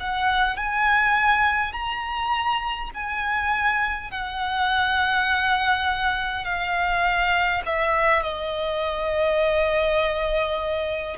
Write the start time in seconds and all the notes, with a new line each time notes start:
0.00 F#5
0.57 G#5
1.73 A#5
2.95 G#5
4.12 F#5
6.45 F5
7.66 E5
8.23 D#5